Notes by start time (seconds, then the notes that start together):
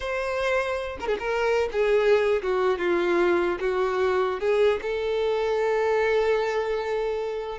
0.00 C5
1.00 A#4
1.07 G#4
1.19 A#4
1.72 G#4
2.42 F#4
2.78 F4
3.60 F#4
4.40 G#4
4.82 A4